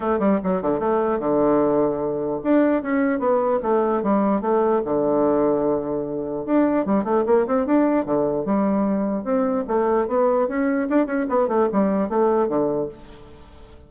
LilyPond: \new Staff \with { instrumentName = "bassoon" } { \time 4/4 \tempo 4 = 149 a8 g8 fis8 d8 a4 d4~ | d2 d'4 cis'4 | b4 a4 g4 a4 | d1 |
d'4 g8 a8 ais8 c'8 d'4 | d4 g2 c'4 | a4 b4 cis'4 d'8 cis'8 | b8 a8 g4 a4 d4 | }